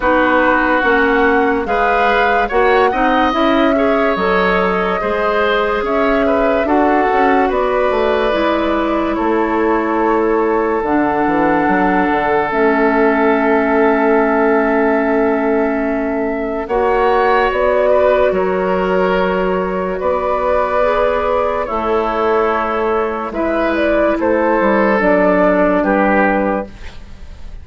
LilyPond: <<
  \new Staff \with { instrumentName = "flute" } { \time 4/4 \tempo 4 = 72 b'4 fis''4 f''4 fis''4 | e''4 dis''2 e''4 | fis''4 d''2 cis''4~ | cis''4 fis''2 e''4~ |
e''1 | fis''4 d''4 cis''2 | d''2 cis''2 | e''8 d''8 c''4 d''4 b'4 | }
  \new Staff \with { instrumentName = "oboe" } { \time 4/4 fis'2 b'4 cis''8 dis''8~ | dis''8 cis''4. c''4 cis''8 b'8 | a'4 b'2 a'4~ | a'1~ |
a'1 | cis''4. b'8 ais'2 | b'2 e'2 | b'4 a'2 g'4 | }
  \new Staff \with { instrumentName = "clarinet" } { \time 4/4 dis'4 cis'4 gis'4 fis'8 dis'8 | e'8 gis'8 a'4 gis'2 | fis'2 e'2~ | e'4 d'2 cis'4~ |
cis'1 | fis'1~ | fis'4 gis'4 a'2 | e'2 d'2 | }
  \new Staff \with { instrumentName = "bassoon" } { \time 4/4 b4 ais4 gis4 ais8 c'8 | cis'4 fis4 gis4 cis'4 | d'8 cis'8 b8 a8 gis4 a4~ | a4 d8 e8 fis8 d8 a4~ |
a1 | ais4 b4 fis2 | b2 a2 | gis4 a8 g8 fis4 g4 | }
>>